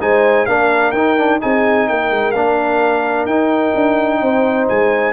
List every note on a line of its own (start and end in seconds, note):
0.00 0.47 G#3
0.00 0.47 D#4
0.00 0.46 C5
0.00 0.45 G#5
0.45 0.92 A#3
0.45 0.94 D4
0.45 1.40 A#4
0.45 0.91 F5
0.91 1.39 D#4
0.91 1.17 D#4
0.91 1.38 G5
1.17 1.40 D4
1.40 1.89 C4
1.40 2.34 D#4
1.40 1.88 G#4
1.40 1.88 G#5
1.88 2.11 A#3
1.88 4.21 A#4
1.88 2.31 G5
2.11 2.33 G#3
2.31 3.25 A#3
2.31 3.29 D4
2.31 3.25 F5
3.25 3.72 D#4
3.25 5.12 D#4
3.25 4.66 G5
3.75 4.21 D4
4.21 4.68 C4
4.21 5.12 C5
4.68 5.12 G#3
4.68 5.12 G#5